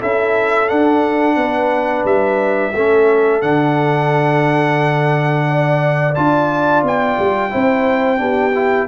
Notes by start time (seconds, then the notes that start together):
0.00 C#4 E4 A4 E5
0.68 D4 F#5
1.36 B3 B4
2.05 G3 E5
2.73 A3 C#4 A4
3.42 D3 D4 F#5
5.48 D5
6.15 D4 F4 A5
6.83 B3 G5
7.19 G3
7.50 C4 E4 C5
8.17 B3 D4 G4
8.55 E4